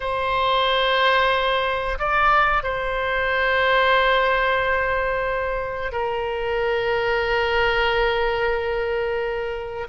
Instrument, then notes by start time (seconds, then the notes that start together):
oboe
0.00 C5
1.98 D5
2.63 C5
5.92 A#4